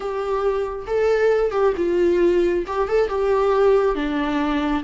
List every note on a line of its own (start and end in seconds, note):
0.00 0.85 G4
0.86 1.51 A4
1.51 1.73 G4
1.76 2.65 F4
2.66 2.88 G4
2.88 3.09 A4
3.09 3.95 G4
3.95 4.83 D4